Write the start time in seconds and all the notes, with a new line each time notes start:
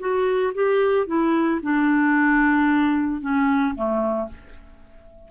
0.00 F#4
0.54 G4
1.07 E4
1.62 D4
3.21 C#4
3.75 A3